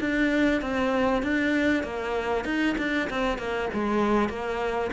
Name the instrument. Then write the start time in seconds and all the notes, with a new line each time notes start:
cello
0.00 D4
0.61 C4
1.23 D4
1.83 A#3
2.45 D#4
2.78 D4
3.10 C4
3.38 A#3
3.73 G#3
4.29 A#3